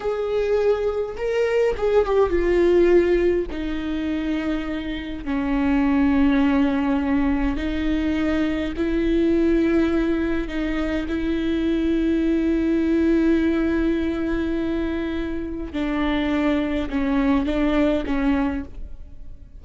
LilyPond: \new Staff \with { instrumentName = "viola" } { \time 4/4 \tempo 4 = 103 gis'2 ais'4 gis'8 g'8 | f'2 dis'2~ | dis'4 cis'2.~ | cis'4 dis'2 e'4~ |
e'2 dis'4 e'4~ | e'1~ | e'2. d'4~ | d'4 cis'4 d'4 cis'4 | }